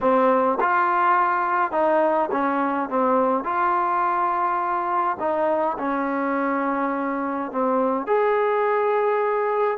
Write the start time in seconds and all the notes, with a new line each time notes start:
0.01 C4
0.60 F4
1.72 D#4
2.31 C#4
2.89 C4
3.44 F4
5.19 D#4
5.78 C#4
7.51 C4
8.06 G#4